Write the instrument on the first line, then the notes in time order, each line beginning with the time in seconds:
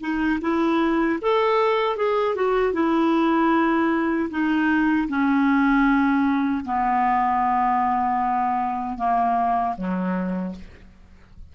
clarinet
0.00 D#4
0.41 E4
1.21 A4
1.97 G#4
2.35 F#4
2.73 E4
4.30 D#4
5.08 C#4
6.65 B3
8.98 A#3
9.77 F#3